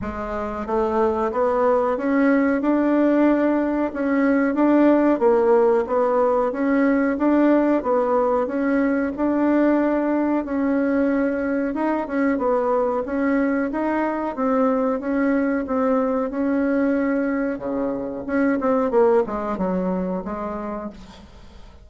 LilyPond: \new Staff \with { instrumentName = "bassoon" } { \time 4/4 \tempo 4 = 92 gis4 a4 b4 cis'4 | d'2 cis'4 d'4 | ais4 b4 cis'4 d'4 | b4 cis'4 d'2 |
cis'2 dis'8 cis'8 b4 | cis'4 dis'4 c'4 cis'4 | c'4 cis'2 cis4 | cis'8 c'8 ais8 gis8 fis4 gis4 | }